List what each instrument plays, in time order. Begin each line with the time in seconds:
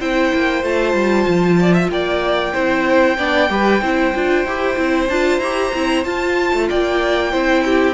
0.00 cello C4, viola E4, violin C5 G5
0.34 cello A#3
0.63 cello A3, viola F4, violin A5
0.94 cello G3
1.28 cello F3
1.61 violin D5
1.74 violin E5
1.89 cello A#3, violin D5 G5
2.53 cello C4, viola E4, violin C5
3.18 cello B3, viola D4, violin D5
3.49 cello G3, viola G4, violin B4
3.82 cello C4, viola E4, violin C5
4.15 cello D4, viola F4
4.45 cello E4, viola G4
4.76 cello C4, viola E4
5.09 cello D4, viola F4, violin A5
5.39 cello E4, viola G4, violin A#5
5.74 cello C4, viola E4
6.05 viola F4, cello F4, violin A5
6.53 cello A3
6.70 cello A#3, violin D5 G5
7.32 cello C4, viola E4, violin C5
7.65 violin G4